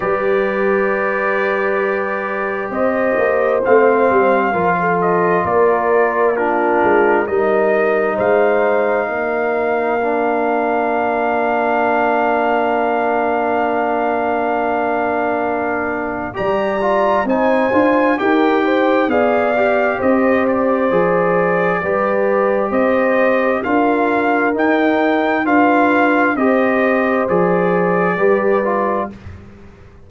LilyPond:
<<
  \new Staff \with { instrumentName = "trumpet" } { \time 4/4 \tempo 4 = 66 d''2. dis''4 | f''4. dis''8 d''4 ais'4 | dis''4 f''2.~ | f''1~ |
f''2 ais''4 gis''4 | g''4 f''4 dis''8 d''4.~ | d''4 dis''4 f''4 g''4 | f''4 dis''4 d''2 | }
  \new Staff \with { instrumentName = "horn" } { \time 4/4 b'2. c''4~ | c''4 ais'16 a'8. ais'4 f'4 | ais'4 c''4 ais'2~ | ais'1~ |
ais'2 d''4 c''4 | ais'8 c''8 d''4 c''2 | b'4 c''4 ais'2 | b'4 c''2 b'4 | }
  \new Staff \with { instrumentName = "trombone" } { \time 4/4 g'1 | c'4 f'2 d'4 | dis'2. d'4~ | d'1~ |
d'2 g'8 f'8 dis'8 f'8 | g'4 gis'8 g'4. gis'4 | g'2 f'4 dis'4 | f'4 g'4 gis'4 g'8 f'8 | }
  \new Staff \with { instrumentName = "tuba" } { \time 4/4 g2. c'8 ais8 | a8 g8 f4 ais4. gis8 | g4 gis4 ais2~ | ais1~ |
ais2 g4 c'8 d'8 | dis'4 b4 c'4 f4 | g4 c'4 d'4 dis'4 | d'4 c'4 f4 g4 | }
>>